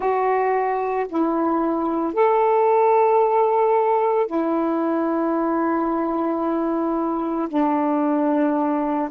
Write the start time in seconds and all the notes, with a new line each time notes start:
0.00 F#4
1.08 E4
2.13 A4
4.27 E4
7.48 D4